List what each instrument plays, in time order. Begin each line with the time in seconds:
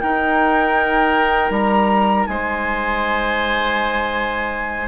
0.00 clarinet D#4, bassoon D#4, oboe A#4, flute G5
1.50 bassoon G3, flute A#5
2.26 bassoon G#3, oboe C5, flute G#5